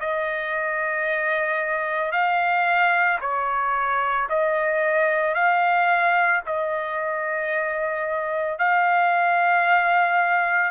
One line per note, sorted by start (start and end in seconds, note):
0.00 2.12 D#5
2.12 3.19 F5
3.21 4.29 C#5
4.30 5.35 D#5
5.35 6.42 F5
6.46 8.59 D#5
8.59 10.71 F5